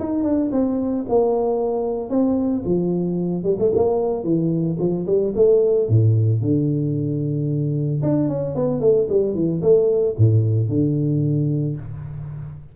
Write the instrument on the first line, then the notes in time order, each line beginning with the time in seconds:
tuba
0.00 D#4
0.24 D4
0.52 C4
1.09 A#3
2.10 C4
2.66 F3
3.44 G3
3.59 A3
3.76 A#3
4.24 E3
4.79 F3
5.07 G3
5.36 A3
5.89 A2
6.42 D3
8.03 D4
8.29 C#4
8.56 B3
8.81 A3
9.09 G3
9.35 E3
9.62 A3
10.18 A2
10.69 D3